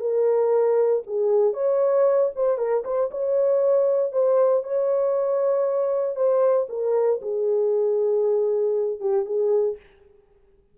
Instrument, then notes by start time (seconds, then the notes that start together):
horn
0.00 A#4
1.07 G#4
1.54 C#5
2.35 C5
2.58 A#4
2.84 C5
3.11 C#5
4.12 C5
4.63 C#5
6.16 C5
6.69 A#4
7.22 G#4
9.00 G4
9.25 G#4